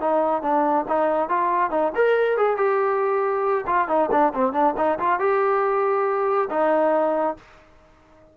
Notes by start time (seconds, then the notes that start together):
0.00 D#4
0.42 D4
0.88 D#4
1.29 F4
1.71 D#4
1.95 A#4
2.37 G#4
2.57 G4
3.66 F4
3.88 D#4
4.11 D4
4.34 C4
4.52 D4
4.77 D#4
4.99 F4
5.20 G4
6.50 D#4